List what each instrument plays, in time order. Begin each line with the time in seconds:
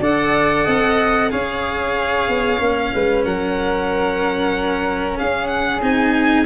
0.00 tuba D4, cello A4, flute D5, violin F#5
0.65 tuba C4, flute D#5
1.30 tuba C#4, cello G#4, flute C#5, violin F5
2.29 tuba B3
2.58 tuba A#3, cello C#4
2.94 tuba G#3, flute B4
3.25 tuba F#3, flute A#4, violin F#5
5.18 tuba C#4, flute G#4, violin F5
5.48 violin F#5
5.82 tuba C4, cello D#4, violin G#5